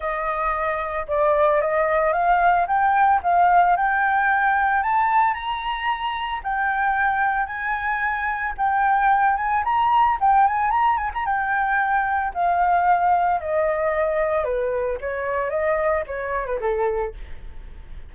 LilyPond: \new Staff \with { instrumentName = "flute" } { \time 4/4 \tempo 4 = 112 dis''2 d''4 dis''4 | f''4 g''4 f''4 g''4~ | g''4 a''4 ais''2 | g''2 gis''2 |
g''4. gis''8 ais''4 g''8 gis''8 | ais''8 gis''16 ais''16 g''2 f''4~ | f''4 dis''2 b'4 | cis''4 dis''4 cis''8. b'16 a'4 | }